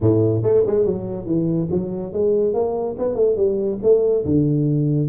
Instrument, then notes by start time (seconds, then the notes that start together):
tuba
0.00 A2
0.42 A3
0.66 G#3
0.85 F#3
1.26 E3
1.71 F#3
2.12 G#3
2.53 A#3
2.98 B3
3.15 A3
3.36 G3
3.82 A3
4.25 D3